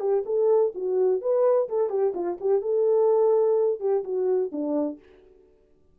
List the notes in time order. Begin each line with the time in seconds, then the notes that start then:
0.00 G4
0.26 A4
0.75 F#4
1.21 B4
1.69 A4
1.90 G4
2.15 F4
2.41 G4
2.62 A4
3.80 G4
4.04 F#4
4.52 D4